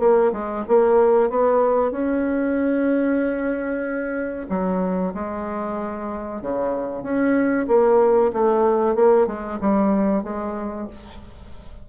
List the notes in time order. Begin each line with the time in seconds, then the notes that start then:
0.00 A#3
0.33 G#3
0.68 A#3
1.30 B3
1.91 C#4
4.50 F#3
5.15 G#3
6.42 C#3
7.03 C#4
7.68 A#3
8.33 A3
8.96 A#3
9.27 G#3
9.61 G3
10.24 G#3